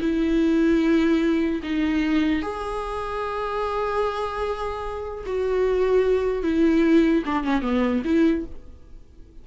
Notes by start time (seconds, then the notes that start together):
0.00 E4
1.63 D#4
2.42 G#4
5.25 F#4
6.42 E4
7.25 D4
7.43 C#4
7.61 B3
8.04 E4